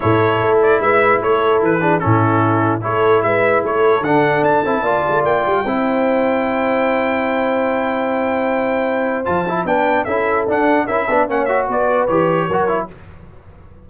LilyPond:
<<
  \new Staff \with { instrumentName = "trumpet" } { \time 4/4 \tempo 4 = 149 cis''4. d''8 e''4 cis''4 | b'4 a'2 cis''4 | e''4 cis''4 fis''4 a''4~ | a''4 g''2.~ |
g''1~ | g''2. a''4 | g''4 e''4 fis''4 e''4 | fis''8 e''8 d''4 cis''2 | }
  \new Staff \with { instrumentName = "horn" } { \time 4/4 a'2 b'4 a'4~ | a'8 gis'8 e'2 a'4 | b'4 a'2. | d''2 c''2~ |
c''1~ | c''1 | b'4 a'2 ais'8 b'8 | cis''4 b'2 ais'4 | }
  \new Staff \with { instrumentName = "trombone" } { \time 4/4 e'1~ | e'8 d'8 cis'2 e'4~ | e'2 d'4. e'8 | f'2 e'2~ |
e'1~ | e'2. f'8 e'8 | d'4 e'4 d'4 e'8 d'8 | cis'8 fis'4. g'4 fis'8 e'8 | }
  \new Staff \with { instrumentName = "tuba" } { \time 4/4 a,4 a4 gis4 a4 | e4 a,2 a4 | gis4 a4 d4 d'8 c'8 | ais8 a8 ais8 g8 c'2~ |
c'1~ | c'2. f4 | b4 cis'4 d'4 cis'8 b8 | ais4 b4 e4 fis4 | }
>>